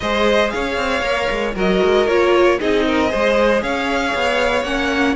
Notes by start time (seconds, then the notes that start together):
0.00 G#3 G#4 C5 D#5
0.50 C#4 C#5 F5
0.76 C4
1.01 A#3 A#4
1.30 G#3
1.54 F#3 F#4 A#4 D#5
1.82 G#3
2.07 A#3 F4 C#5
2.59 C4 D#4 G#4 D#5
2.86 A#4
3.07 G#4 C5
3.14 G#3
3.62 C#4 C#5 F5
4.14 B3
4.63 A#3 C#4 F#5